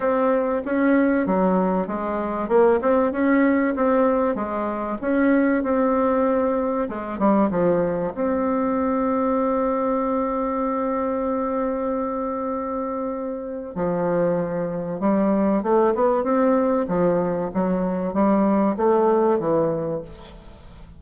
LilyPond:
\new Staff \with { instrumentName = "bassoon" } { \time 4/4 \tempo 4 = 96 c'4 cis'4 fis4 gis4 | ais8 c'8 cis'4 c'4 gis4 | cis'4 c'2 gis8 g8 | f4 c'2.~ |
c'1~ | c'2 f2 | g4 a8 b8 c'4 f4 | fis4 g4 a4 e4 | }